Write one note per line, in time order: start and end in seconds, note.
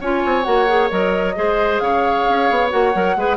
0.00 0.22 C#4
0.00 0.44 F4
0.00 1.35 C#5
0.00 0.43 G#5
0.25 0.46 C4
0.43 0.91 A#3
0.43 0.66 F#4
0.43 0.88 F#5
0.68 0.90 G#4
0.90 1.36 F#3
0.90 1.35 A#4
0.90 1.79 D#5
1.35 1.80 G#3
1.35 2.70 G#4
1.35 1.82 C5
1.79 2.25 C#3
1.79 3.17 C#5
1.79 2.69 F5
2.29 2.50 C#4
2.50 2.72 B3
2.70 2.94 A#3
2.70 2.92 F#4
2.70 3.36 F#5
2.94 3.16 F#3
2.94 3.16 A#4
3.16 3.36 G#3
3.16 3.36 G#4
3.16 3.36 B4